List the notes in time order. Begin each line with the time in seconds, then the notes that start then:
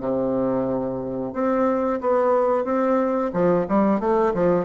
0.00 C3
1.34 C4
2.01 B3
2.65 C4
3.33 F3
3.69 G3
4.00 A3
4.34 F3